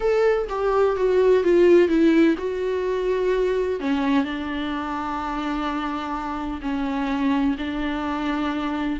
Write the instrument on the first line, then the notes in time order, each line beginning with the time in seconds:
viola
0.00 A4
0.49 G4
0.96 F#4
1.43 F4
1.88 E4
2.38 F#4
3.79 C#4
4.24 D4
6.61 C#4
7.58 D4